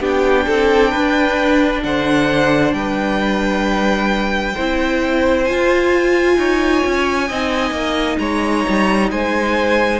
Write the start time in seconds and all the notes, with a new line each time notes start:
0.00 B3 D4 G4 G5
0.46 C4 A4
0.91 D4 B4
1.83 D3 C5 F#5
2.72 G3 B4 G5
4.54 C4 E4 C5
5.45 F4 G#5
6.37 D#4 C#5
6.86 C#4
7.28 C4 D#4 D#5
7.71 A#3
8.18 G#3 C#5 A#5
8.68 G3
9.11 G#3 C5 G#5